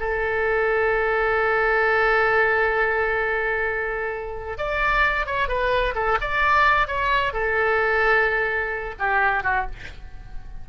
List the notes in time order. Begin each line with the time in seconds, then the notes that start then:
0.00 A4
4.58 D5
5.26 C#5
5.48 B4
5.96 A4
6.21 D5
6.88 C#5
7.33 A4
8.99 G4
9.44 F#4